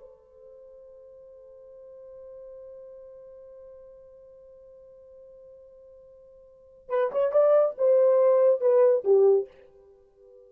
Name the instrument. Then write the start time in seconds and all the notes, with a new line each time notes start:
horn
0.00 C5
6.89 B4
7.12 C#5
7.32 D5
7.78 C5
8.61 B4
9.04 G4